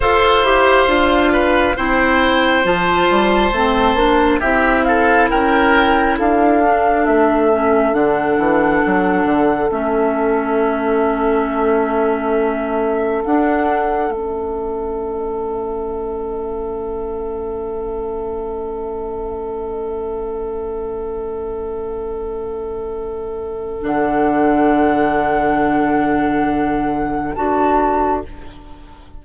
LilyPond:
<<
  \new Staff \with { instrumentName = "flute" } { \time 4/4 \tempo 4 = 68 f''2 g''4 a''4~ | a''4 e''8 f''8 g''4 f''4 | e''4 fis''2 e''4~ | e''2. fis''4 |
e''1~ | e''1~ | e''2. fis''4~ | fis''2. a''4 | }
  \new Staff \with { instrumentName = "oboe" } { \time 4/4 c''4. b'8 c''2~ | c''4 g'8 a'8 ais'4 a'4~ | a'1~ | a'1~ |
a'1~ | a'1~ | a'1~ | a'1 | }
  \new Staff \with { instrumentName = "clarinet" } { \time 4/4 a'8 g'8 f'4 e'4 f'4 | c'8 d'8 e'2~ e'8 d'8~ | d'8 cis'8 d'2 cis'4~ | cis'2. d'4 |
cis'1~ | cis'1~ | cis'2. d'4~ | d'2. fis'4 | }
  \new Staff \with { instrumentName = "bassoon" } { \time 4/4 f'8 e'8 d'4 c'4 f8 g8 | a8 ais8 c'4 cis'4 d'4 | a4 d8 e8 fis8 d8 a4~ | a2. d'4 |
a1~ | a1~ | a2. d4~ | d2. d'4 | }
>>